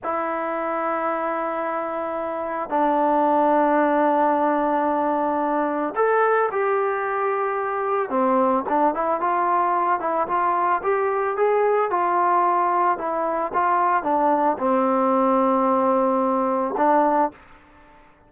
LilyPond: \new Staff \with { instrumentName = "trombone" } { \time 4/4 \tempo 4 = 111 e'1~ | e'4 d'2.~ | d'2. a'4 | g'2. c'4 |
d'8 e'8 f'4. e'8 f'4 | g'4 gis'4 f'2 | e'4 f'4 d'4 c'4~ | c'2. d'4 | }